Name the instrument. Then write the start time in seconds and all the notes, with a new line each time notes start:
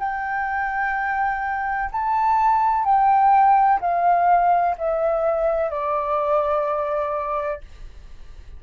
flute
0.00 G5
1.93 A5
2.85 G5
3.81 F5
4.78 E5
5.71 D5